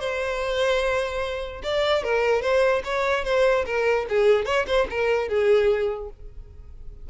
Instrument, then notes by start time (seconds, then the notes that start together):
violin
0.00 C5
1.63 D5
2.04 A#4
2.42 C5
2.85 C#5
3.25 C5
3.66 A#4
4.09 G#4
4.46 C#5
4.68 C5
4.90 A#4
5.29 G#4